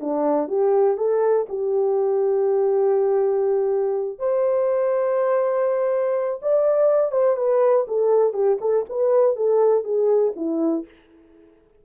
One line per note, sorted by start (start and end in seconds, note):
0.00 0.48 D4
0.48 0.97 G4
0.97 1.46 A4
1.49 4.19 G4
4.19 6.40 C5
6.42 7.12 D5
7.12 7.36 C5
7.36 7.86 B4
7.88 8.33 A4
8.33 8.58 G4
8.60 8.85 A4
8.89 9.36 B4
9.36 9.84 A4
9.84 10.33 G#4
10.36 10.85 E4